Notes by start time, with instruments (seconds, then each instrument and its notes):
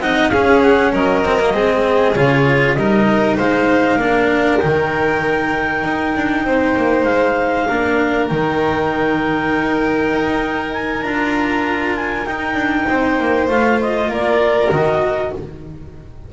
0.00 double bass C4, cello D#4, violin D#5, clarinet F#5
0.30 double bass C#4, cello C#4, violin G#4, clarinet F5
0.62 clarinet F#5
0.92 double bass F#3, violin A#4, clarinet D#5
1.25 cello C4
1.39 cello A#3
1.54 double bass G#3, cello C4, violin G#4
2.16 double bass C#3, cello F4, clarinet C#5
2.74 double bass G3, cello D#4, violin A#4, clarinet D#5
3.37 double bass G#3, violin C5, clarinet F5
3.96 double bass A#3, cello D4
4.04 violin A#4
4.59 double bass D#3, cello D#4, clarinet G5
5.84 double bass D#4
6.16 double bass D4
6.44 double bass C4, violin C5
6.77 double bass A#3
7.04 double bass G#3, clarinet F5
7.68 double bass A#3, cello D4, violin A#4
8.28 double bass D#3, cello D#4, clarinet G5
10.13 double bass D#4
10.73 clarinet G#5
11.03 double bass D4, cello F4, clarinet A#5
11.96 clarinet G#5
12.26 cello D#4, double bass D#4, clarinet G5
12.55 double bass D4
12.89 double bass C4, violin C5
13.20 double bass A#3
13.48 double bass A3, cello F4, clarinet F5
13.81 clarinet D#5
14.08 double bass A#3, violin A#4, clarinet D5
14.72 double bass D#3, cello F#4, clarinet D#5